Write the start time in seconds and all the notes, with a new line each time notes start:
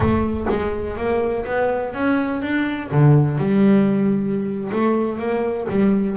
0.00 A3
0.49 G#3
0.96 A#3
1.45 B3
1.94 C#4
2.41 D4
2.91 D3
3.38 G3
4.72 A3
5.19 A#3
5.69 G3